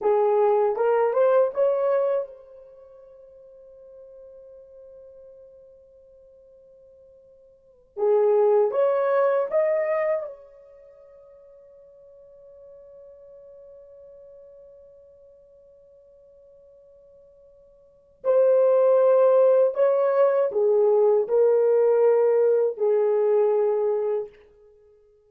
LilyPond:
\new Staff \with { instrumentName = "horn" } { \time 4/4 \tempo 4 = 79 gis'4 ais'8 c''8 cis''4 c''4~ | c''1~ | c''2~ c''8 gis'4 cis''8~ | cis''8 dis''4 cis''2~ cis''8~ |
cis''1~ | cis''1 | c''2 cis''4 gis'4 | ais'2 gis'2 | }